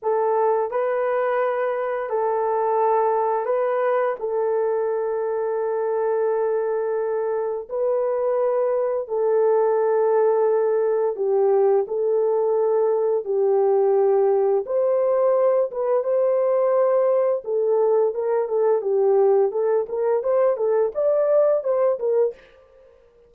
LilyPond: \new Staff \with { instrumentName = "horn" } { \time 4/4 \tempo 4 = 86 a'4 b'2 a'4~ | a'4 b'4 a'2~ | a'2. b'4~ | b'4 a'2. |
g'4 a'2 g'4~ | g'4 c''4. b'8 c''4~ | c''4 a'4 ais'8 a'8 g'4 | a'8 ais'8 c''8 a'8 d''4 c''8 ais'8 | }